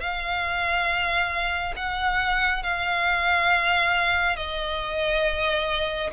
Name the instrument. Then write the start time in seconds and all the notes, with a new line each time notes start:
violin
0.00 F5
1.76 F#5
2.63 F5
4.36 D#5